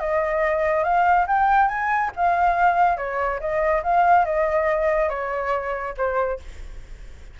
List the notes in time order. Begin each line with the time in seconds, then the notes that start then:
0.00 D#5
0.84 F5
1.27 G5
1.68 G#5
2.16 F5
2.97 C#5
3.40 D#5
3.84 F5
4.25 D#5
5.09 C#5
5.97 C5